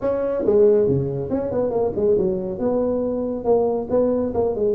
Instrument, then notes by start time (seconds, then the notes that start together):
tuba
0.01 C#4
0.45 G#3
0.88 C#3
1.30 C#4
1.51 B3
1.70 A#3
1.95 G#3
2.17 F#3
2.58 B3
3.44 A#3
3.90 B3
4.33 A#3
4.55 G#3